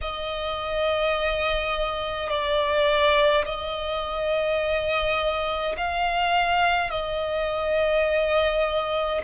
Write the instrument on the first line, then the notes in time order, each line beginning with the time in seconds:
violin
0.01 D#5
2.29 D5
3.45 D#5
5.77 F5
6.90 D#5